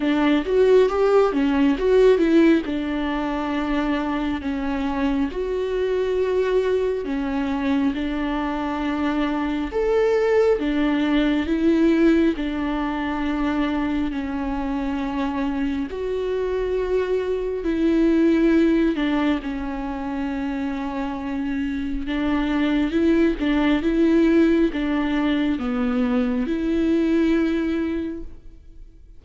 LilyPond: \new Staff \with { instrumentName = "viola" } { \time 4/4 \tempo 4 = 68 d'8 fis'8 g'8 cis'8 fis'8 e'8 d'4~ | d'4 cis'4 fis'2 | cis'4 d'2 a'4 | d'4 e'4 d'2 |
cis'2 fis'2 | e'4. d'8 cis'2~ | cis'4 d'4 e'8 d'8 e'4 | d'4 b4 e'2 | }